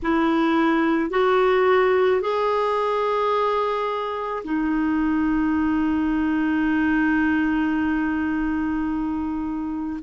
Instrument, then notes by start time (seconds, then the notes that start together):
clarinet
0.02 E4
1.10 F#4
2.21 G#4
4.43 D#4